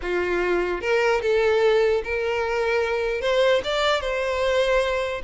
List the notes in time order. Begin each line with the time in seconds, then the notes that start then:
0.01 F4
0.81 A#4
1.21 A4
2.04 A#4
3.21 C5
3.64 D5
4.00 C5